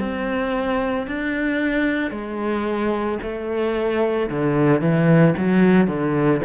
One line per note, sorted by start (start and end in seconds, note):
0.00 1.07 C4
1.07 2.11 D4
2.11 3.18 G#3
3.22 4.29 A3
4.30 4.81 D3
4.81 5.34 E3
5.37 5.87 F#3
5.87 6.41 D3